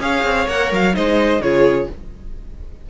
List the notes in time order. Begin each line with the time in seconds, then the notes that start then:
0.00 C#4 G#4 C#5 F5
0.24 C4
0.48 A#3 A#4 F#5
0.72 F#3 F5
0.93 G#3 D#4 C5 D#5
1.40 C#3 F4 G#4 C#5